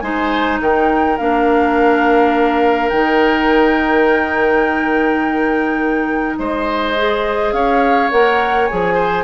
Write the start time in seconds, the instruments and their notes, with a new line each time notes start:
0.00 bassoon G#3, clarinet D#4, oboe C5, flute G#5
0.61 bassoon D#3, oboe A#4, flute G5
1.18 bassoon A#3, clarinet D4, flute F5
2.90 bassoon D#3, clarinet D#4, flute G5
6.39 bassoon G#3, oboe C5, flute D#5
6.97 clarinet G#4
7.53 bassoon C#4, oboe C#5, flute F5
8.11 bassoon A#3, clarinet A#4, flute F#5
8.67 bassoon F3, clarinet G#4, flute G#5
8.94 oboe C5